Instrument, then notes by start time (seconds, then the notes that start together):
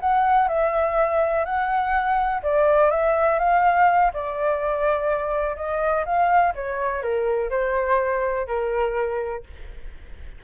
flute
0.00 F#5
0.48 E5
1.45 F#5
2.42 D5
2.90 E5
3.39 F5
4.13 D5
5.56 D#5
6.05 F5
6.55 C#5
7.02 A#4
7.50 C5
8.47 A#4